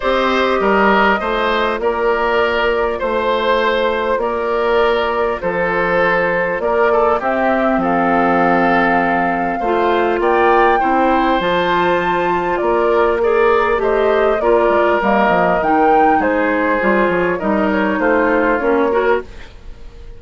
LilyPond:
<<
  \new Staff \with { instrumentName = "flute" } { \time 4/4 \tempo 4 = 100 dis''2. d''4~ | d''4 c''2 d''4~ | d''4 c''2 d''4 | e''4 f''2.~ |
f''4 g''2 a''4~ | a''4 d''4 ais'4 dis''4 | d''4 dis''4 g''4 c''4~ | c''8 cis''8 dis''8 cis''8 c''4 cis''4 | }
  \new Staff \with { instrumentName = "oboe" } { \time 4/4 c''4 ais'4 c''4 ais'4~ | ais'4 c''2 ais'4~ | ais'4 a'2 ais'8 a'8 | g'4 a'2. |
c''4 d''4 c''2~ | c''4 ais'4 d''4 c''4 | ais'2. gis'4~ | gis'4 ais'4 f'4. ais'8 | }
  \new Staff \with { instrumentName = "clarinet" } { \time 4/4 g'2 f'2~ | f'1~ | f'1 | c'1 |
f'2 e'4 f'4~ | f'2 gis'4 g'4 | f'4 ais4 dis'2 | f'4 dis'2 cis'8 fis'8 | }
  \new Staff \with { instrumentName = "bassoon" } { \time 4/4 c'4 g4 a4 ais4~ | ais4 a2 ais4~ | ais4 f2 ais4 | c'4 f2. |
a4 ais4 c'4 f4~ | f4 ais2 a4 | ais8 gis8 g8 f8 dis4 gis4 | g8 f8 g4 a4 ais4 | }
>>